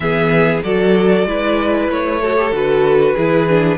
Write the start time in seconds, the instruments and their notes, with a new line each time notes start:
0.00 cello E3, viola B3, violin G#4 E5
0.63 cello F#3, viola F#4, violin A4 D5
1.25 cello G#3, viola E4, violin B4
1.89 cello A3, violin C#5
2.21 viola F#4, violin A4
2.37 viola G4
2.51 cello D3, viola F#4, violin B4
3.14 cello E3, viola E4, violin G#4
3.48 viola D4